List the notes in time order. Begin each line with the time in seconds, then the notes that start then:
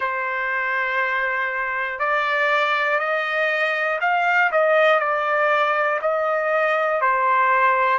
0.00 C5
1.99 D5
2.99 D#5
4.00 F5
4.51 D#5
4.99 D5
6.01 D#5
7.01 C5